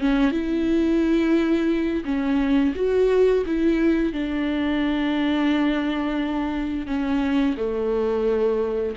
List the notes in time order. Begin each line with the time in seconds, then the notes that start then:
0.00 C#4
0.31 E4
2.05 C#4
2.75 F#4
3.46 E4
4.13 D4
6.87 C#4
7.57 A3